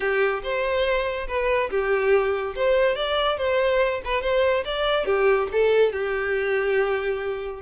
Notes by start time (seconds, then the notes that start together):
0.00 G4
0.42 C5
1.27 B4
1.70 G4
2.55 C5
2.95 D5
3.37 C5
4.04 B4
4.21 C5
4.64 D5
5.05 G4
5.52 A4
5.92 G4